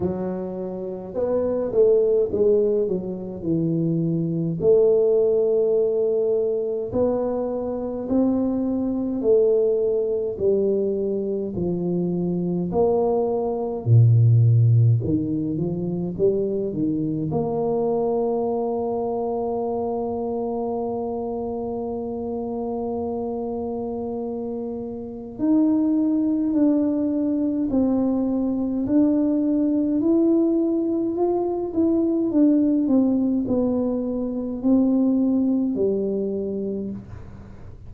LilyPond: \new Staff \with { instrumentName = "tuba" } { \time 4/4 \tempo 4 = 52 fis4 b8 a8 gis8 fis8 e4 | a2 b4 c'4 | a4 g4 f4 ais4 | ais,4 dis8 f8 g8 dis8 ais4~ |
ais1~ | ais2 dis'4 d'4 | c'4 d'4 e'4 f'8 e'8 | d'8 c'8 b4 c'4 g4 | }